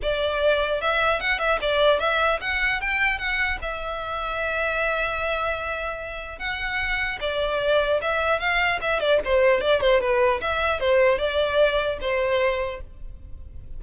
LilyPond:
\new Staff \with { instrumentName = "violin" } { \time 4/4 \tempo 4 = 150 d''2 e''4 fis''8 e''8 | d''4 e''4 fis''4 g''4 | fis''4 e''2.~ | e''1 |
fis''2 d''2 | e''4 f''4 e''8 d''8 c''4 | d''8 c''8 b'4 e''4 c''4 | d''2 c''2 | }